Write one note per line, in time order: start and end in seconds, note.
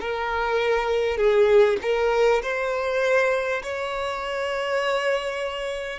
0.00 1.17 A#4
1.17 1.77 G#4
1.82 2.42 A#4
2.42 3.62 C5
3.62 5.99 C#5